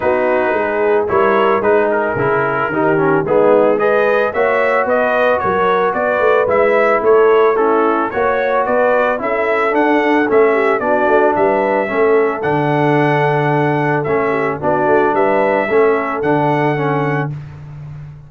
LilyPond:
<<
  \new Staff \with { instrumentName = "trumpet" } { \time 4/4 \tempo 4 = 111 b'2 cis''4 b'8 ais'8~ | ais'2 gis'4 dis''4 | e''4 dis''4 cis''4 d''4 | e''4 cis''4 a'4 cis''4 |
d''4 e''4 fis''4 e''4 | d''4 e''2 fis''4~ | fis''2 e''4 d''4 | e''2 fis''2 | }
  \new Staff \with { instrumentName = "horn" } { \time 4/4 fis'4 gis'4 ais'4 gis'4~ | gis'4 g'4 dis'4 b'4 | cis''4 b'4 ais'4 b'4~ | b'4 a'4 e'4 cis''4 |
b'4 a'2~ a'8 g'8 | fis'4 b'4 a'2~ | a'2~ a'8 g'8 fis'4 | b'4 a'2. | }
  \new Staff \with { instrumentName = "trombone" } { \time 4/4 dis'2 e'4 dis'4 | e'4 dis'8 cis'8 b4 gis'4 | fis'1 | e'2 cis'4 fis'4~ |
fis'4 e'4 d'4 cis'4 | d'2 cis'4 d'4~ | d'2 cis'4 d'4~ | d'4 cis'4 d'4 cis'4 | }
  \new Staff \with { instrumentName = "tuba" } { \time 4/4 b4 gis4 g4 gis4 | cis4 dis4 gis2 | ais4 b4 fis4 b8 a8 | gis4 a2 ais4 |
b4 cis'4 d'4 a4 | b8 a8 g4 a4 d4~ | d2 a4 b8 a8 | g4 a4 d2 | }
>>